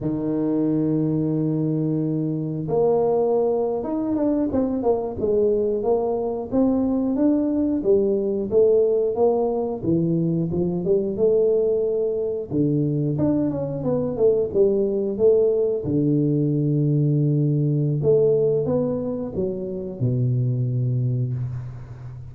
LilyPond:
\new Staff \with { instrumentName = "tuba" } { \time 4/4 \tempo 4 = 90 dis1 | ais4.~ ais16 dis'8 d'8 c'8 ais8 gis16~ | gis8. ais4 c'4 d'4 g16~ | g8. a4 ais4 e4 f16~ |
f16 g8 a2 d4 d'16~ | d'16 cis'8 b8 a8 g4 a4 d16~ | d2. a4 | b4 fis4 b,2 | }